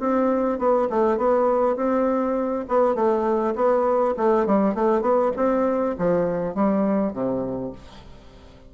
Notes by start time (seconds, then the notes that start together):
0.00 C4
0.59 B3
0.90 A3
1.17 B3
1.76 C4
2.68 B3
2.95 A3
3.55 B3
4.17 A3
4.46 G3
4.75 A3
5.02 B3
5.37 C4
5.98 F3
6.55 G3
7.13 C3